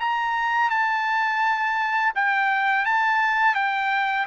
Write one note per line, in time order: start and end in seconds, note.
0.00 0.70 A#5
0.70 2.13 A5
2.15 2.85 G5
2.85 3.55 A5
3.55 4.26 G5